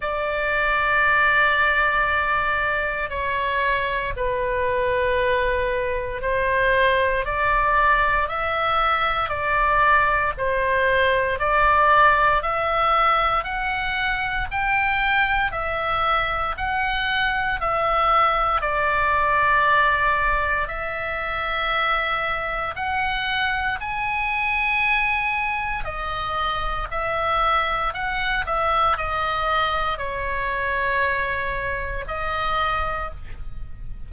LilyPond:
\new Staff \with { instrumentName = "oboe" } { \time 4/4 \tempo 4 = 58 d''2. cis''4 | b'2 c''4 d''4 | e''4 d''4 c''4 d''4 | e''4 fis''4 g''4 e''4 |
fis''4 e''4 d''2 | e''2 fis''4 gis''4~ | gis''4 dis''4 e''4 fis''8 e''8 | dis''4 cis''2 dis''4 | }